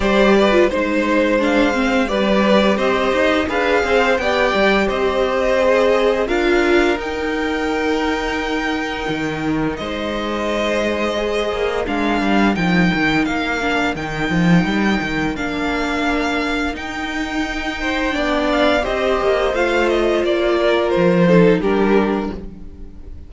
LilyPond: <<
  \new Staff \with { instrumentName = "violin" } { \time 4/4 \tempo 4 = 86 d''4 c''2 d''4 | dis''4 f''4 g''4 dis''4~ | dis''4 f''4 g''2~ | g''2 dis''2~ |
dis''4 f''4 g''4 f''4 | g''2 f''2 | g''2~ g''8 f''8 dis''4 | f''8 dis''8 d''4 c''4 ais'4 | }
  \new Staff \with { instrumentName = "violin" } { \time 4/4 c''8 b'8 c''4 f''4 b'4 | c''4 b'8 c''8 d''4 c''4~ | c''4 ais'2.~ | ais'2 c''2~ |
c''4 ais'2.~ | ais'1~ | ais'4. c''8 d''4 c''4~ | c''4. ais'4 a'8 g'4 | }
  \new Staff \with { instrumentName = "viola" } { \time 4/4 g'8. f'16 dis'4 d'8 c'8 g'4~ | g'4 gis'4 g'2 | gis'4 f'4 dis'2~ | dis'1 |
gis'4 d'4 dis'4. d'8 | dis'2 d'2 | dis'2 d'4 g'4 | f'2~ f'8 dis'8 d'4 | }
  \new Staff \with { instrumentName = "cello" } { \time 4/4 g4 gis2 g4 | c'8 dis'8 d'8 c'8 b8 g8 c'4~ | c'4 d'4 dis'2~ | dis'4 dis4 gis2~ |
gis8 ais8 gis8 g8 f8 dis8 ais4 | dis8 f8 g8 dis8 ais2 | dis'2 b4 c'8 ais8 | a4 ais4 f4 g4 | }
>>